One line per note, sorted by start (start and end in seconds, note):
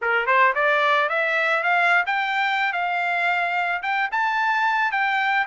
0.01 0.26 A#4
0.26 0.53 C5
0.54 1.09 D5
1.09 1.63 E5
1.63 2.04 F5
2.06 2.72 G5
2.72 3.82 F5
3.82 4.09 G5
4.11 4.91 A5
4.91 5.45 G5